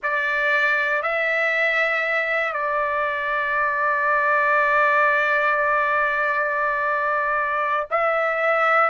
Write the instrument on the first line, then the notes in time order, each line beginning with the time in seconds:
trumpet
0.02 D5
1.02 E5
2.52 D5
7.90 E5